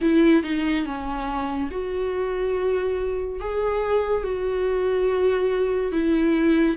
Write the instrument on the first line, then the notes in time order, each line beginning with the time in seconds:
viola
0.01 E4
0.43 D#4
0.85 C#4
1.71 F#4
3.40 G#4
4.23 F#4
5.92 E4